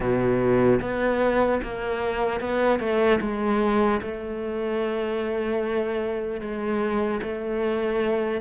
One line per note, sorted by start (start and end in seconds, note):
0.00 0.79 B2
0.81 1.61 B3
1.62 2.40 A#3
2.40 2.79 B3
2.79 3.19 A3
3.20 4.00 G#3
4.01 6.40 A3
6.40 7.20 G#3
7.22 8.40 A3